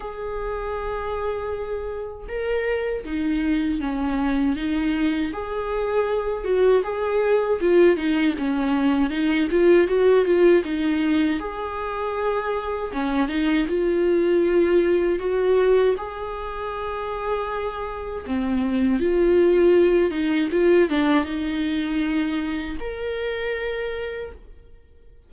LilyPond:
\new Staff \with { instrumentName = "viola" } { \time 4/4 \tempo 4 = 79 gis'2. ais'4 | dis'4 cis'4 dis'4 gis'4~ | gis'8 fis'8 gis'4 f'8 dis'8 cis'4 | dis'8 f'8 fis'8 f'8 dis'4 gis'4~ |
gis'4 cis'8 dis'8 f'2 | fis'4 gis'2. | c'4 f'4. dis'8 f'8 d'8 | dis'2 ais'2 | }